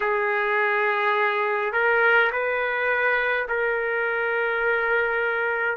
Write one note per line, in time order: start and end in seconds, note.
0.00 1.73 G#4
1.73 2.30 A#4
2.31 3.47 B4
3.48 5.77 A#4